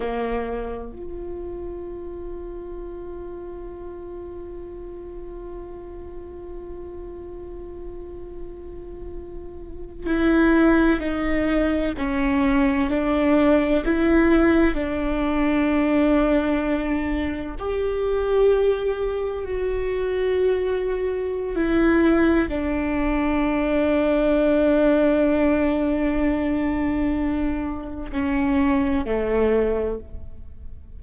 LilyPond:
\new Staff \with { instrumentName = "viola" } { \time 4/4 \tempo 4 = 64 ais4 f'2.~ | f'1~ | f'2~ f'8. e'4 dis'16~ | dis'8. cis'4 d'4 e'4 d'16~ |
d'2~ d'8. g'4~ g'16~ | g'8. fis'2~ fis'16 e'4 | d'1~ | d'2 cis'4 a4 | }